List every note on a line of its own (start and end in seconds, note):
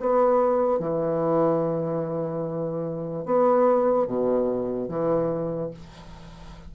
0.00 0.80 B3
0.80 3.25 E3
3.25 4.07 B3
4.07 4.89 B2
4.89 5.71 E3